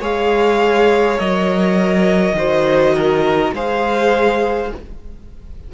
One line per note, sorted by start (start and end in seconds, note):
0.00 1.18 G#3
0.00 1.18 G#4
0.00 2.35 C#5
0.00 1.19 F5
1.18 2.33 F#3
1.18 2.36 A#4
1.18 3.54 D#5
2.33 3.51 D#3
2.33 3.55 F#4
2.33 2.95 C5
2.95 3.54 A#4
3.53 4.71 G#3
3.53 4.74 G#4
3.53 4.72 C5
3.53 4.73 F5